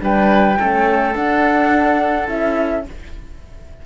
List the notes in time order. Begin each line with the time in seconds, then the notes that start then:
0.00 G3 D4 B4 G5
0.59 A3 C#4 A4
1.15 D4 F#5
2.28 C#4 E4 E5